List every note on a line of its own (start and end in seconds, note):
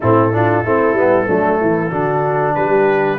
0.00 0.64 A2
0.00 0.32 C4
0.00 0.32 E4
0.00 2.54 A4
0.32 0.64 D4
0.32 0.63 F4
0.63 0.93 A3
0.63 0.96 C4
0.63 1.27 E4
0.93 1.25 G3
0.93 1.27 B3
1.27 1.61 F#3
1.27 1.90 A3
1.27 1.59 D4
1.60 1.91 E3
1.60 1.90 E4
1.90 2.55 D3
1.90 3.18 D4
1.90 2.53 F#4
2.54 3.18 G3
2.54 3.18 G4
2.54 3.18 B4